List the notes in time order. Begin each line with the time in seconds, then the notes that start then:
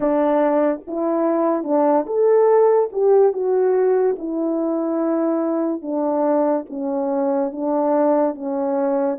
0.00 D4
0.87 E4
1.63 D4
2.06 A4
2.92 G4
3.32 F#4
4.18 E4
5.81 D4
6.69 C#4
7.52 D4
8.34 C#4